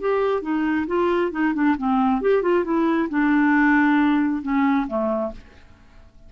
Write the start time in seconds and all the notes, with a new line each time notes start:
0.00 G4
0.41 D#4
0.87 F4
1.31 D#4
1.54 D4
1.77 C4
2.21 G4
2.42 F4
2.64 E4
3.09 D4
4.42 C#4
4.87 A3